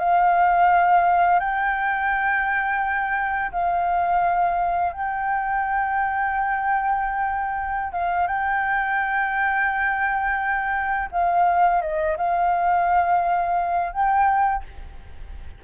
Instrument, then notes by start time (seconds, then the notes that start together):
flute
0.00 F5
1.40 G5
3.52 F5
4.93 G5
7.93 F5
8.27 G5
11.12 F5
11.82 D#5
12.18 F5
13.93 G5